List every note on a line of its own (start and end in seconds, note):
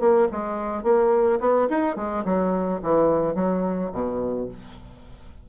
0.00 0.28 A#3
0.32 0.83 G#3
0.83 1.39 A#3
1.40 1.68 B3
1.69 1.96 D#4
1.96 2.24 G#3
2.25 2.81 F#3
2.82 3.34 E3
3.34 3.90 F#3
3.92 4.48 B2